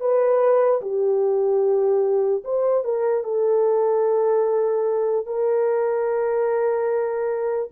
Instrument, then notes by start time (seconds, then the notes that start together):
horn
0.00 B4
0.81 G4
2.44 C5
2.84 A#4
3.24 A4
5.26 A#4